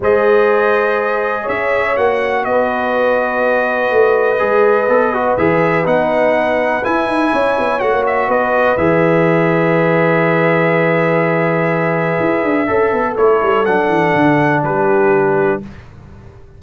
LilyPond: <<
  \new Staff \with { instrumentName = "trumpet" } { \time 4/4 \tempo 4 = 123 dis''2. e''4 | fis''4 dis''2.~ | dis''2. e''4 | fis''2 gis''2 |
fis''8 e''8 dis''4 e''2~ | e''1~ | e''2. cis''4 | fis''2 b'2 | }
  \new Staff \with { instrumentName = "horn" } { \time 4/4 c''2. cis''4~ | cis''4 b'2.~ | b'1~ | b'2. cis''4~ |
cis''4 b'2.~ | b'1~ | b'2 a'2~ | a'2 g'2 | }
  \new Staff \with { instrumentName = "trombone" } { \time 4/4 gis'1 | fis'1~ | fis'4 gis'4 a'8 fis'8 gis'4 | dis'2 e'2 |
fis'2 gis'2~ | gis'1~ | gis'2 a'4 e'4 | d'1 | }
  \new Staff \with { instrumentName = "tuba" } { \time 4/4 gis2. cis'4 | ais4 b2. | a4 gis4 b4 e4 | b2 e'8 dis'8 cis'8 b8 |
a16 ais8. b4 e2~ | e1~ | e4 e'8 d'8 cis'8 b8 a8 g8 | fis8 e8 d4 g2 | }
>>